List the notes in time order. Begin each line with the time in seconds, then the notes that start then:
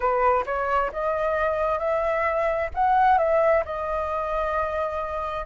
0.00 B4
0.45 C#5
0.92 D#5
1.79 E5
2.74 F#5
3.18 E5
3.65 D#5